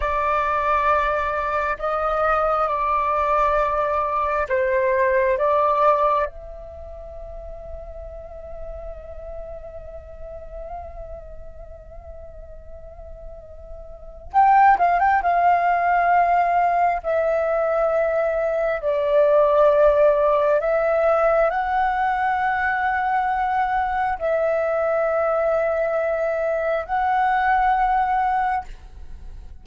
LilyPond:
\new Staff \with { instrumentName = "flute" } { \time 4/4 \tempo 4 = 67 d''2 dis''4 d''4~ | d''4 c''4 d''4 e''4~ | e''1~ | e''1 |
g''8 f''16 g''16 f''2 e''4~ | e''4 d''2 e''4 | fis''2. e''4~ | e''2 fis''2 | }